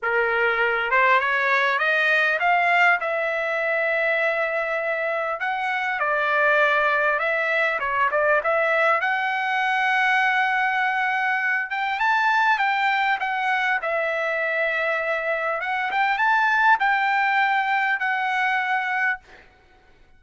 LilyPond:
\new Staff \with { instrumentName = "trumpet" } { \time 4/4 \tempo 4 = 100 ais'4. c''8 cis''4 dis''4 | f''4 e''2.~ | e''4 fis''4 d''2 | e''4 cis''8 d''8 e''4 fis''4~ |
fis''2.~ fis''8 g''8 | a''4 g''4 fis''4 e''4~ | e''2 fis''8 g''8 a''4 | g''2 fis''2 | }